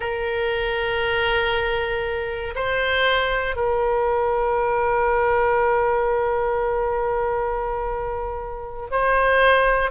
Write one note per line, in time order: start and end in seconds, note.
0.00 2.54 A#4
2.55 3.55 C5
3.55 8.89 A#4
8.90 9.91 C5